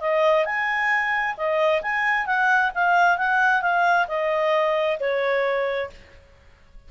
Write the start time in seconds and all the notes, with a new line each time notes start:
0.00 D#5
0.45 G#5
1.37 D#5
1.82 G#5
2.26 F#5
2.75 F5
3.18 F#5
3.62 F5
4.08 D#5
5.00 C#5